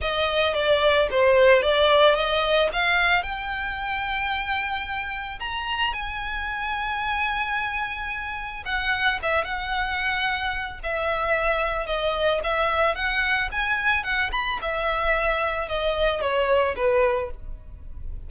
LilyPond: \new Staff \with { instrumentName = "violin" } { \time 4/4 \tempo 4 = 111 dis''4 d''4 c''4 d''4 | dis''4 f''4 g''2~ | g''2 ais''4 gis''4~ | gis''1 |
fis''4 e''8 fis''2~ fis''8 | e''2 dis''4 e''4 | fis''4 gis''4 fis''8 b''8 e''4~ | e''4 dis''4 cis''4 b'4 | }